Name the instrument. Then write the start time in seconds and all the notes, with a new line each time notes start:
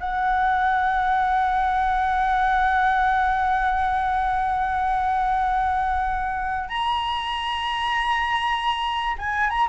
flute
0.00 F#5
6.69 A#5
9.19 G#5
9.50 A#5